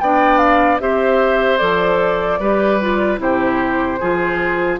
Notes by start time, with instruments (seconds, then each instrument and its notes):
0.00 bassoon B3, clarinet D4, oboe D5, flute G5
0.38 flute F5
0.80 bassoon C4, clarinet G4, oboe C5, flute E5
1.58 bassoon F3, clarinet A4, flute D5
2.39 bassoon G3, clarinet G4, oboe B4
2.81 clarinet F4
3.18 bassoon C3, clarinet E4, oboe G4, flute C5
4.00 bassoon F3, clarinet F4, oboe G#4